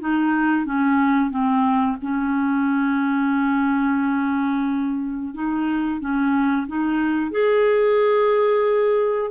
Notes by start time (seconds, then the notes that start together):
0.00 D#4
0.65 C#4
1.30 C4
2.02 C#4
5.34 D#4
6.00 C#4
6.67 D#4
7.31 G#4